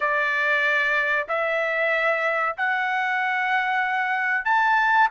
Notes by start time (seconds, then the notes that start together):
0.00 D5
1.28 E5
2.57 F#5
4.44 A5